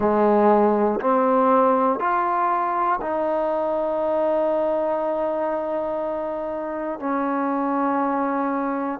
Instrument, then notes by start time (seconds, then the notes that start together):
trombone
0.00 G#3
1.00 C4
2.00 F4
3.00 D#4
7.00 C#4